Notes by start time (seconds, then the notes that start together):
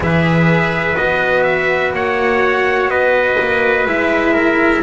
0.00 E3 G#4 B4 E5
0.96 B3 F#4 D#5
1.43 E5
1.93 A#3 C#5 F#5
2.88 B3 B4 D#5
3.40 A#3
3.86 G#3 E4 E5
4.33 A#4